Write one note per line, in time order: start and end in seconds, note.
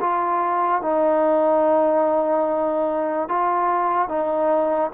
0.00 0.82 F4
0.82 3.28 D#4
3.28 4.08 F4
4.08 4.91 D#4